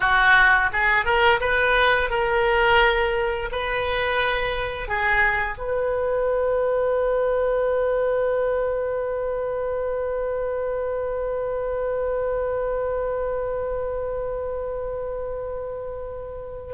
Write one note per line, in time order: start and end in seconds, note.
0.00 0.70 F#4
0.73 1.05 G#4
1.05 1.40 A#4
1.40 2.10 B4
2.10 3.49 A#4
3.51 4.88 B4
4.88 5.58 G#4
5.58 16.73 B4